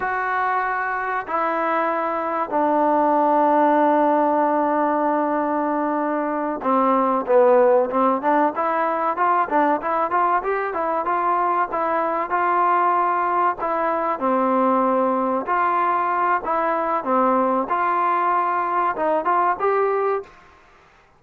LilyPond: \new Staff \with { instrumentName = "trombone" } { \time 4/4 \tempo 4 = 95 fis'2 e'2 | d'1~ | d'2~ d'8 c'4 b8~ | b8 c'8 d'8 e'4 f'8 d'8 e'8 |
f'8 g'8 e'8 f'4 e'4 f'8~ | f'4. e'4 c'4.~ | c'8 f'4. e'4 c'4 | f'2 dis'8 f'8 g'4 | }